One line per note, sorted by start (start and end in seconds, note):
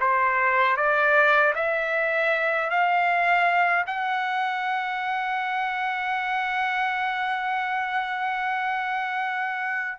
0.00 0.76 C5
0.76 1.53 D5
1.55 2.70 E5
2.70 3.85 F5
3.86 9.99 F#5